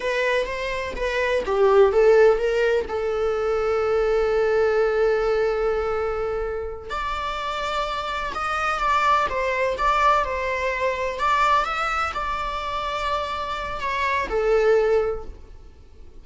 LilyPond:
\new Staff \with { instrumentName = "viola" } { \time 4/4 \tempo 4 = 126 b'4 c''4 b'4 g'4 | a'4 ais'4 a'2~ | a'1~ | a'2~ a'8 d''4.~ |
d''4. dis''4 d''4 c''8~ | c''8 d''4 c''2 d''8~ | d''8 e''4 d''2~ d''8~ | d''4 cis''4 a'2 | }